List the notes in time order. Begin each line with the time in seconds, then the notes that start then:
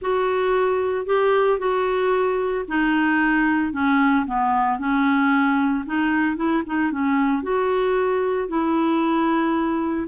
0.01 F#4
1.05 G4
1.59 F#4
2.68 D#4
3.72 C#4
4.26 B3
4.78 C#4
5.86 D#4
6.36 E4
6.66 D#4
6.91 C#4
7.42 F#4
8.48 E4